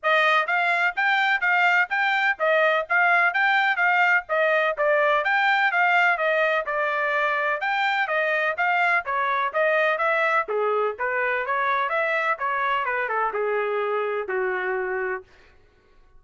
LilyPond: \new Staff \with { instrumentName = "trumpet" } { \time 4/4 \tempo 4 = 126 dis''4 f''4 g''4 f''4 | g''4 dis''4 f''4 g''4 | f''4 dis''4 d''4 g''4 | f''4 dis''4 d''2 |
g''4 dis''4 f''4 cis''4 | dis''4 e''4 gis'4 b'4 | cis''4 e''4 cis''4 b'8 a'8 | gis'2 fis'2 | }